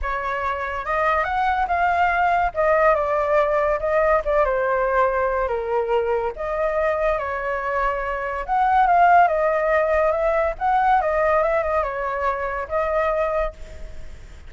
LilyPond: \new Staff \with { instrumentName = "flute" } { \time 4/4 \tempo 4 = 142 cis''2 dis''4 fis''4 | f''2 dis''4 d''4~ | d''4 dis''4 d''8 c''4.~ | c''4 ais'2 dis''4~ |
dis''4 cis''2. | fis''4 f''4 dis''2 | e''4 fis''4 dis''4 e''8 dis''8 | cis''2 dis''2 | }